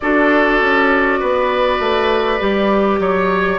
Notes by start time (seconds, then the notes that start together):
0.00 D4 F#4 A4 D5
0.60 C#4
1.19 B3 B4
1.79 A3
2.39 G3 G4
2.99 F#3 C#5